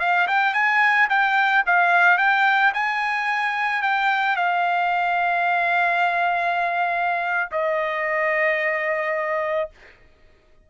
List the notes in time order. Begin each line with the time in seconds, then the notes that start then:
0.00 F5
0.28 G5
0.54 G#5
1.10 G5
1.67 F5
2.18 G5
2.74 G#5
3.83 G5
4.37 F5
7.52 D#5